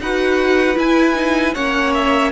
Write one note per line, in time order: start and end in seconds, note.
0.00 0.77 D#4
0.00 0.75 F#4
0.00 1.54 B4
0.00 0.78 F#5
0.75 1.14 E4
0.75 1.55 E4
0.75 1.55 G#5
1.15 1.54 D#4
1.54 2.32 A#3
1.54 2.32 C#4
1.54 2.31 C#5
1.54 1.93 F#5
1.94 2.32 E5